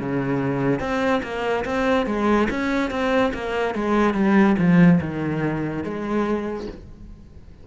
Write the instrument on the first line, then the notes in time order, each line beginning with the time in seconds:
cello
0.00 C#3
0.80 C4
1.23 A#3
1.65 C4
2.06 G#3
2.50 C#4
2.91 C4
3.34 A#3
3.75 G#3
4.14 G3
4.58 F3
5.01 D#3
5.84 G#3